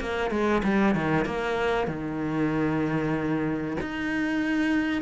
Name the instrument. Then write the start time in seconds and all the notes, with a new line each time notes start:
cello
0.00 A#3
0.30 G#3
0.63 G3
0.95 D#3
1.25 A#3
1.87 D#3
3.81 D#4